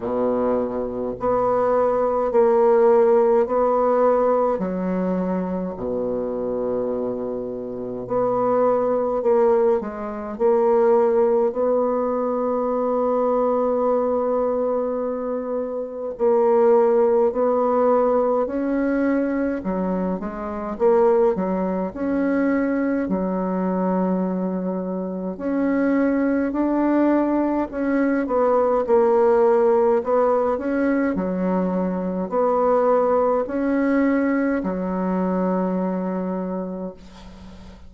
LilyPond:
\new Staff \with { instrumentName = "bassoon" } { \time 4/4 \tempo 4 = 52 b,4 b4 ais4 b4 | fis4 b,2 b4 | ais8 gis8 ais4 b2~ | b2 ais4 b4 |
cis'4 fis8 gis8 ais8 fis8 cis'4 | fis2 cis'4 d'4 | cis'8 b8 ais4 b8 cis'8 fis4 | b4 cis'4 fis2 | }